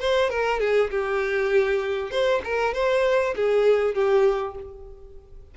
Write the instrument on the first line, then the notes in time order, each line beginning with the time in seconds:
violin
0.00 C5
0.30 A#4
0.60 G#4
0.91 G4
2.11 C5
2.45 A#4
2.74 C5
3.36 G#4
3.95 G4